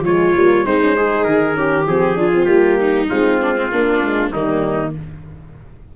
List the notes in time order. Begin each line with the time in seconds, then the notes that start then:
0.00 F3 G#3 F4 C#5
0.34 G3 A#3
0.64 G#3 C4 D#4 C5
0.80 C#4
0.95 D#4 G#4
1.24 D#3 A#4
1.54 C#4 G4
1.86 F3 C4 G#4
2.15 D4 F4
2.34 C4
2.45 G3 A#3 G4
2.79 D#4
3.09 G#3 C4 F4
3.41 D4
3.55 C4
3.71 A#3 D4
4.02 G#3
4.29 D#3 G3 A#3 D#4